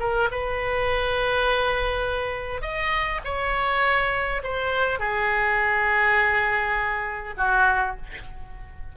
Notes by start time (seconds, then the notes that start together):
0.00 A#4
0.32 B4
2.62 D#5
3.25 C#5
4.44 C5
4.99 G#4
7.38 F#4